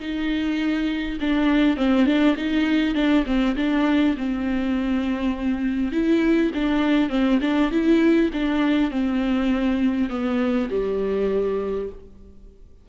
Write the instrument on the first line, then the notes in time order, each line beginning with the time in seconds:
viola
0.00 D#4
1.21 D4
1.77 C4
2.07 D4
2.37 D#4
2.95 D4
3.26 C4
3.57 D4
4.18 C4
5.92 E4
6.55 D4
7.10 C4
7.42 D4
7.71 E4
8.34 D4
8.91 C4
10.10 B3
10.71 G3